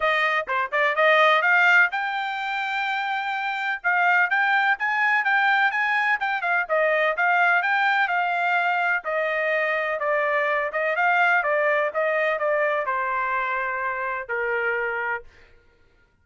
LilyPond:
\new Staff \with { instrumentName = "trumpet" } { \time 4/4 \tempo 4 = 126 dis''4 c''8 d''8 dis''4 f''4 | g''1 | f''4 g''4 gis''4 g''4 | gis''4 g''8 f''8 dis''4 f''4 |
g''4 f''2 dis''4~ | dis''4 d''4. dis''8 f''4 | d''4 dis''4 d''4 c''4~ | c''2 ais'2 | }